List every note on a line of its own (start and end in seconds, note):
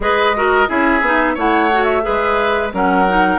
0.00 0.68 G#3
0.00 0.34 G#4
0.00 0.36 B4
0.00 0.69 D#5
0.35 0.67 F#4
0.35 0.68 A#4
0.67 1.01 C#4
0.67 1.01 E4
0.67 1.34 G#4
0.67 1.37 E5
1.01 1.35 B3
1.01 1.37 D#4
1.34 2.05 A3
1.34 1.71 E4
1.34 2.02 C#5
1.34 1.83 F#5
1.72 2.01 F#4
1.83 2.68 E5
2.01 2.73 G#3
2.01 2.69 G#4
2.01 2.72 B4
2.72 3.38 F#3
2.72 3.07 C#4
2.72 3.38 A#4
2.72 3.38 F#5
3.07 3.38 D#4